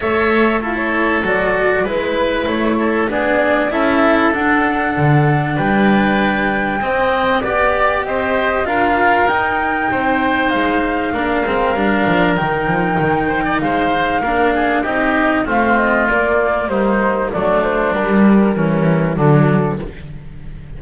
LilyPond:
<<
  \new Staff \with { instrumentName = "flute" } { \time 4/4 \tempo 4 = 97 e''4 f'16 cis''8. d''4 b'4 | cis''4 d''4 e''4 fis''4~ | fis''4 g''2. | d''4 dis''4 f''4 g''4~ |
g''4 f''2. | g''2 f''2 | dis''4 f''8 dis''8 d''4 c''4 | d''8 c''8 ais'2 a'4 | }
  \new Staff \with { instrumentName = "oboe" } { \time 4/4 cis''4 a'2 b'4~ | b'8 a'8 gis'4 a'2~ | a'4 b'2 dis''4 | d''4 c''4 ais'2 |
c''2 ais'2~ | ais'4. c''16 d''16 c''4 ais'8 gis'8 | g'4 f'2 dis'4 | d'2 cis'4 d'4 | }
  \new Staff \with { instrumentName = "cello" } { \time 4/4 a'4 e'4 fis'4 e'4~ | e'4 d'4 e'4 d'4~ | d'2. c'4 | g'2 f'4 dis'4~ |
dis'2 d'8 c'8 d'4 | dis'2. d'4 | dis'4 c'4 ais2 | a4 g4 e4 fis4 | }
  \new Staff \with { instrumentName = "double bass" } { \time 4/4 a2 fis4 gis4 | a4 b4 cis'4 d'4 | d4 g2 c'4 | b4 c'4 d'4 dis'4 |
c'4 gis4 ais8 gis8 g8 f8 | dis8 f8 dis4 gis4 ais4 | c'4 a4 ais4 g4 | fis4 g2 d4 | }
>>